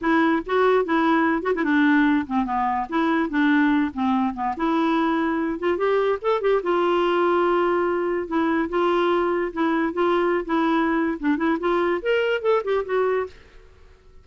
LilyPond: \new Staff \with { instrumentName = "clarinet" } { \time 4/4 \tempo 4 = 145 e'4 fis'4 e'4. fis'16 e'16 | d'4. c'8 b4 e'4 | d'4. c'4 b8 e'4~ | e'4. f'8 g'4 a'8 g'8 |
f'1 | e'4 f'2 e'4 | f'4~ f'16 e'4.~ e'16 d'8 e'8 | f'4 ais'4 a'8 g'8 fis'4 | }